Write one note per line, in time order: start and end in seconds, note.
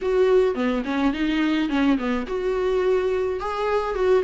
0.01 0.55 F#4
0.55 0.83 B3
0.84 1.13 C#4
1.13 1.69 D#4
1.69 1.97 C#4
1.98 2.26 B3
2.26 3.40 F#4
3.40 3.95 G#4
3.95 4.23 F#4